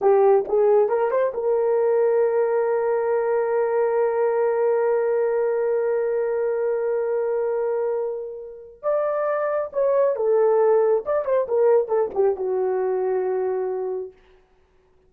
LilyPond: \new Staff \with { instrumentName = "horn" } { \time 4/4 \tempo 4 = 136 g'4 gis'4 ais'8 c''8 ais'4~ | ais'1~ | ais'1~ | ais'1~ |
ais'1 | d''2 cis''4 a'4~ | a'4 d''8 c''8 ais'4 a'8 g'8 | fis'1 | }